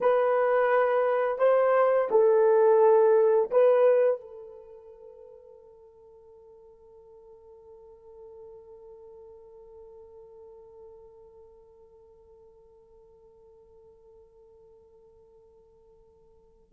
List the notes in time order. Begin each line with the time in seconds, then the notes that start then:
0.00 B4
1.38 C5
2.11 A4
3.50 B4
4.21 A4